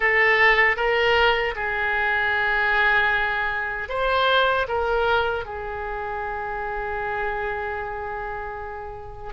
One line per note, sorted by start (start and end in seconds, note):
0.00 0.76 A4
0.76 1.54 A#4
1.55 3.88 G#4
3.88 4.66 C5
4.68 5.45 A#4
5.45 9.33 G#4